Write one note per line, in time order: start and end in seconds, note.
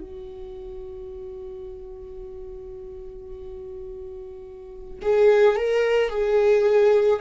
0.00 5.00 F#4
5.02 5.57 G#4
5.57 6.09 A#4
6.09 7.20 G#4